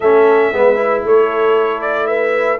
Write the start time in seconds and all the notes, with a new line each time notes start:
0.00 A3 C#4 A4 E5
0.52 G#3 B3 B4
0.76 E4
1.04 A3 A4 C#5
1.81 D5
2.06 B4 E5